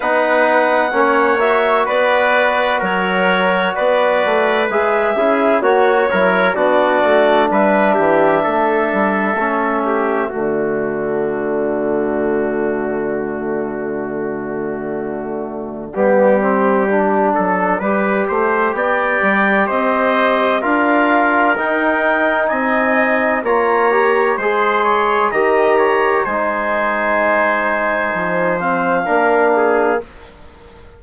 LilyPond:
<<
  \new Staff \with { instrumentName = "clarinet" } { \time 4/4 \tempo 4 = 64 fis''4. e''8 d''4 cis''4 | d''4 e''4 cis''4 d''4 | e''2. d''4~ | d''1~ |
d''1 | g''4 dis''4 f''4 g''4 | gis''4 ais''4 c'''4 ais''4 | gis''2~ gis''8 f''4. | }
  \new Staff \with { instrumentName = "trumpet" } { \time 4/4 b'4 cis''4 b'4 ais'4 | b'4. gis'8 fis'8 ais'8 fis'4 | b'8 g'8 a'4. g'8 fis'4~ | fis'1~ |
fis'4 g'4. a'8 b'8 c''8 | d''4 c''4 ais'2 | dis''4 cis''4 c''8 cis''8 dis''8 cis''8 | c''2. ais'8 gis'8 | }
  \new Staff \with { instrumentName = "trombone" } { \time 4/4 dis'4 cis'8 fis'2~ fis'8~ | fis'4 gis'8 e'8 fis'8 e'8 d'4~ | d'2 cis'4 a4~ | a1~ |
a4 b8 c'8 d'4 g'4~ | g'2 f'4 dis'4~ | dis'4 f'8 g'8 gis'4 g'4 | dis'2~ dis'8 c'8 d'4 | }
  \new Staff \with { instrumentName = "bassoon" } { \time 4/4 b4 ais4 b4 fis4 | b8 a8 gis8 cis'8 ais8 fis8 b8 a8 | g8 e8 a8 g8 a4 d4~ | d1~ |
d4 g4. fis8 g8 a8 | b8 g8 c'4 d'4 dis'4 | c'4 ais4 gis4 dis4 | gis2 f4 ais4 | }
>>